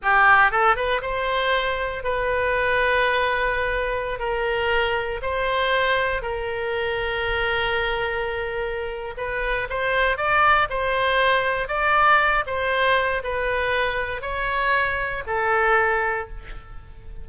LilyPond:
\new Staff \with { instrumentName = "oboe" } { \time 4/4 \tempo 4 = 118 g'4 a'8 b'8 c''2 | b'1~ | b'16 ais'2 c''4.~ c''16~ | c''16 ais'2.~ ais'8.~ |
ais'2 b'4 c''4 | d''4 c''2 d''4~ | d''8 c''4. b'2 | cis''2 a'2 | }